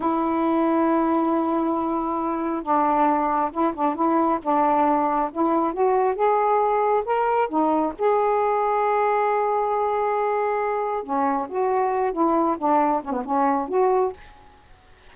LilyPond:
\new Staff \with { instrumentName = "saxophone" } { \time 4/4 \tempo 4 = 136 e'1~ | e'2 d'2 | e'8 d'8 e'4 d'2 | e'4 fis'4 gis'2 |
ais'4 dis'4 gis'2~ | gis'1~ | gis'4 cis'4 fis'4. e'8~ | e'8 d'4 cis'16 b16 cis'4 fis'4 | }